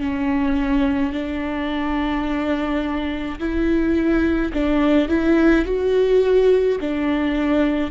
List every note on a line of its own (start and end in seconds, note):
0.00 1.13 C#4
1.13 3.39 D4
3.39 4.52 E4
4.53 5.09 D4
5.09 5.66 E4
5.66 6.79 F#4
6.80 7.91 D4